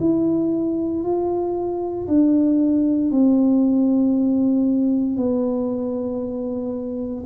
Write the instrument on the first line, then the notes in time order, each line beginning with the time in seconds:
tuba
0.00 E4
1.04 F4
2.07 D4
3.11 C4
5.17 B3